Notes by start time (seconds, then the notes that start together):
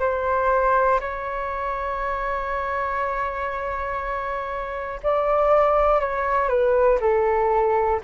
0.00 C5
1.00 C#5
5.03 D5
6.00 C#5
6.49 B4
7.00 A4